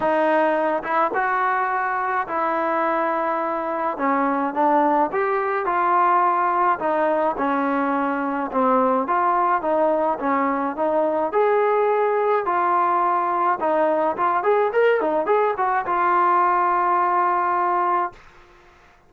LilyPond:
\new Staff \with { instrumentName = "trombone" } { \time 4/4 \tempo 4 = 106 dis'4. e'8 fis'2 | e'2. cis'4 | d'4 g'4 f'2 | dis'4 cis'2 c'4 |
f'4 dis'4 cis'4 dis'4 | gis'2 f'2 | dis'4 f'8 gis'8 ais'8 dis'8 gis'8 fis'8 | f'1 | }